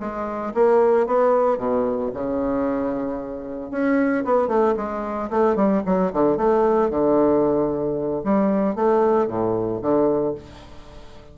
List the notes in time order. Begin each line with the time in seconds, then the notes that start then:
0.00 G#3
0.54 A#3
1.07 B3
1.58 B2
2.14 C#3
3.71 C#4
4.25 B3
4.48 A3
4.77 G#3
5.30 A3
5.56 G3
5.86 F#3
6.13 D3
6.37 A3
6.90 D3
8.24 G3
8.76 A3
9.28 A2
9.82 D3